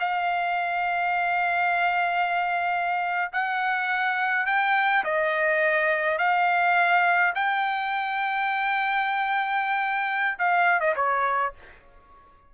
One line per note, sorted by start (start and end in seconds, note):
0.00 3.32 F5
3.33 4.47 F#5
4.47 5.04 G5
5.04 6.19 D#5
6.19 7.34 F5
7.36 10.38 G5
10.39 10.81 F5
10.81 10.95 D#5
10.96 11.54 C#5